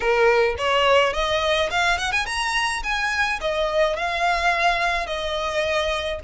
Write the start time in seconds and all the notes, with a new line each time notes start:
0.00 A#4
0.58 C#5
1.13 D#5
1.70 F5
1.98 F#5
2.12 G#5
2.26 A#5
2.83 G#5
3.41 D#5
3.96 F5
5.06 D#5